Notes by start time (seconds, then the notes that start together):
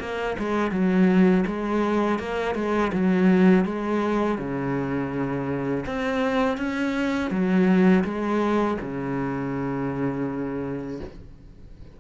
0.00 A#3
0.39 G#3
0.72 F#3
1.47 G#3
2.20 A#3
2.55 G#3
2.93 F#3
3.66 G#3
4.39 C#3
5.86 C4
6.58 C#4
7.31 F#3
8.05 G#3
8.81 C#3